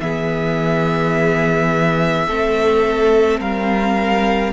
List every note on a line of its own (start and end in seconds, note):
0.00 2.27 E3
0.00 2.28 B3
0.00 2.27 G#4
0.00 3.40 E5
2.27 3.39 A3
2.27 4.52 C4
2.27 3.40 A4
3.39 4.52 G3
3.39 4.52 A#4
3.39 4.52 F5